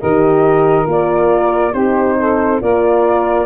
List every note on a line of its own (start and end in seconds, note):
0.00 0.86 D#3
0.00 0.85 G4
0.00 1.73 A#4
0.00 0.87 D#5
0.85 1.73 A#3
0.85 1.72 F4
0.85 1.73 D5
1.73 2.61 C4
1.73 2.60 D#4
1.73 2.16 G4
1.73 2.60 C5
2.19 2.62 A4
2.60 3.46 A#3
2.60 3.46 F4
2.60 3.46 A#4
2.60 3.46 D5